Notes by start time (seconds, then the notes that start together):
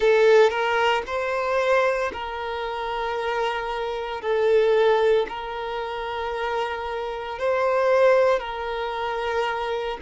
0.00 A4
0.50 A#4
1.06 C5
2.12 A#4
4.21 A4
5.28 A#4
7.39 C5
8.39 A#4